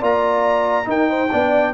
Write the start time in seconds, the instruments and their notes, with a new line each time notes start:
0.00 tuba A#3, trombone F4, horn D5, trumpet A#5
0.85 trombone D#4, tuba D#4, horn A#4, trumpet G5
1.09 horn C5
1.31 tuba B3, trombone D4, horn D5